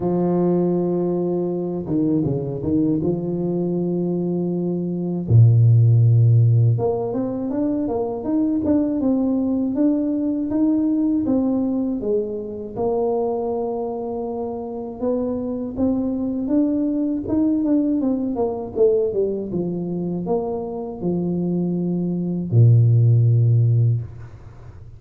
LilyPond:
\new Staff \with { instrumentName = "tuba" } { \time 4/4 \tempo 4 = 80 f2~ f8 dis8 cis8 dis8 | f2. ais,4~ | ais,4 ais8 c'8 d'8 ais8 dis'8 d'8 | c'4 d'4 dis'4 c'4 |
gis4 ais2. | b4 c'4 d'4 dis'8 d'8 | c'8 ais8 a8 g8 f4 ais4 | f2 ais,2 | }